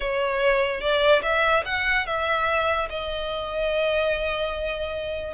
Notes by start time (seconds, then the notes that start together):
0.00 C#5
0.81 D5
1.22 E5
1.65 F#5
2.06 E5
2.89 D#5